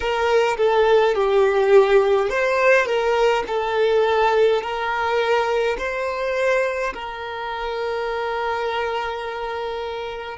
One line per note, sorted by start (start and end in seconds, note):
0.00 0.56 A#4
0.57 1.14 A4
1.14 2.29 G4
2.29 2.85 C5
2.85 3.43 A#4
3.47 4.61 A4
4.61 5.76 A#4
5.77 6.93 C5
6.93 10.37 A#4